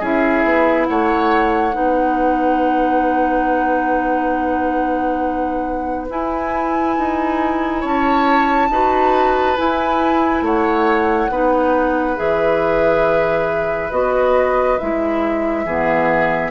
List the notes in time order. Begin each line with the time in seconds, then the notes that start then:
0.00 C#4 E4 G#4 E5
0.44 B3
0.85 A3 C#5 F#5
1.73 B3 D#4 B4
6.09 E4 G#5
6.98 D#4
7.81 C#4 C#5 A5
8.70 D#4 F#4 B4
9.57 E4 G#5
10.42 A3 C#5 F#5
11.30 B3 D#4 B4
12.16 E3 G#4 E5
13.91 B3 F#4 D#5
14.79 G#3 E4 E5
15.65 E3 B3 G#4